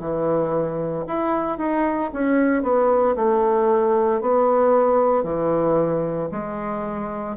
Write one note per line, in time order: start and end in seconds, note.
0.00 1.05 E3
1.07 1.58 E4
1.58 2.11 D#4
2.13 2.63 C#4
2.63 3.15 B3
3.16 4.21 A3
4.21 5.23 B3
5.23 6.29 E3
6.32 7.37 G#3